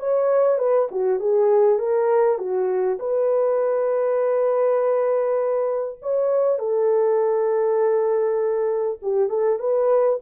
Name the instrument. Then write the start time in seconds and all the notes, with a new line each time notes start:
horn
0.00 C#5
0.59 B4
0.91 F#4
1.20 G#4
1.79 A#4
2.39 F#4
3.00 B4
6.02 C#5
6.59 A4
9.02 G4
9.30 A4
9.59 B4